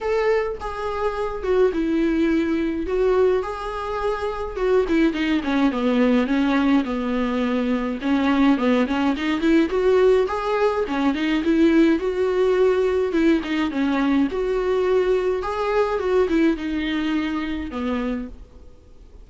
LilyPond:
\new Staff \with { instrumentName = "viola" } { \time 4/4 \tempo 4 = 105 a'4 gis'4. fis'8 e'4~ | e'4 fis'4 gis'2 | fis'8 e'8 dis'8 cis'8 b4 cis'4 | b2 cis'4 b8 cis'8 |
dis'8 e'8 fis'4 gis'4 cis'8 dis'8 | e'4 fis'2 e'8 dis'8 | cis'4 fis'2 gis'4 | fis'8 e'8 dis'2 b4 | }